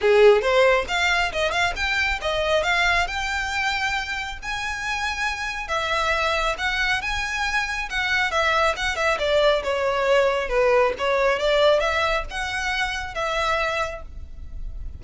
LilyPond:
\new Staff \with { instrumentName = "violin" } { \time 4/4 \tempo 4 = 137 gis'4 c''4 f''4 dis''8 f''8 | g''4 dis''4 f''4 g''4~ | g''2 gis''2~ | gis''4 e''2 fis''4 |
gis''2 fis''4 e''4 | fis''8 e''8 d''4 cis''2 | b'4 cis''4 d''4 e''4 | fis''2 e''2 | }